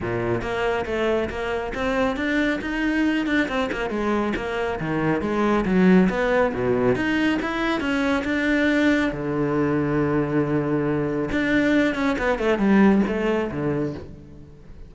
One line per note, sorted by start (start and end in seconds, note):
0.00 0.41 A#2
0.41 0.85 A#3
0.85 1.29 A3
1.29 1.73 A#3
1.74 2.16 C4
2.16 2.59 D4
2.61 3.26 D#4
3.26 3.48 D4
3.48 3.70 C4
3.72 3.90 A#3
3.90 4.33 G#3
4.36 4.79 A#3
4.80 5.21 D#3
5.21 5.64 G#3
5.65 6.08 F#3
6.09 6.53 B3
6.54 6.95 B2
6.95 7.39 D#4
7.42 7.80 E4
7.80 8.23 C#4
8.24 9.11 D4
9.12 11.29 D3
11.31 11.95 D4
11.95 12.16 C#4
12.18 12.38 B3
12.38 12.58 A3
12.58 13.01 G3
13.07 13.51 A3
13.51 13.94 D3